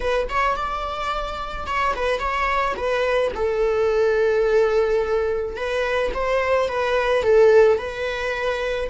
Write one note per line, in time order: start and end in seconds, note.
0.00 0.28 B4
0.29 0.56 C#5
0.56 1.66 D5
1.66 1.94 C#5
1.95 2.19 B4
2.19 2.74 C#5
2.76 3.31 B4
3.34 5.56 A4
5.56 6.11 B4
6.14 6.68 C5
6.68 7.22 B4
7.22 7.78 A4
7.78 8.89 B4